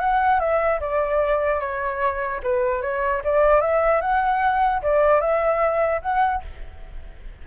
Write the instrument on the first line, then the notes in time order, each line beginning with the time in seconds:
flute
0.00 F#5
0.40 E5
0.81 D5
1.61 C#5
2.43 B4
2.82 C#5
3.25 D5
3.62 E5
4.02 F#5
4.83 D5
5.21 E5
6.02 F#5